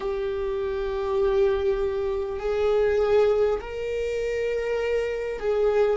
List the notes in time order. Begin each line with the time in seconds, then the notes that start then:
0.00 G4
2.39 G#4
3.61 A#4
5.39 G#4